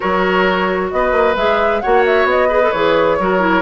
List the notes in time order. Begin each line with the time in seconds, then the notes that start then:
0.00 F#3 F#4 A#4 C#5
0.90 B3 B4 D#5
1.12 A#3
1.36 G#3 G#4 E5
1.80 A#3 F#4 C#5 F#5
2.05 E5
2.24 B3 D#5
2.48 G#4 B4
2.62 A4
2.71 E3 G#4 C#5
3.19 F#3 F#4 A#4
3.39 E4